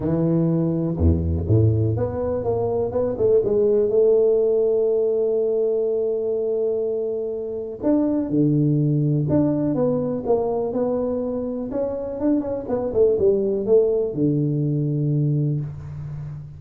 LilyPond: \new Staff \with { instrumentName = "tuba" } { \time 4/4 \tempo 4 = 123 e2 e,4 a,4 | b4 ais4 b8 a8 gis4 | a1~ | a1 |
d'4 d2 d'4 | b4 ais4 b2 | cis'4 d'8 cis'8 b8 a8 g4 | a4 d2. | }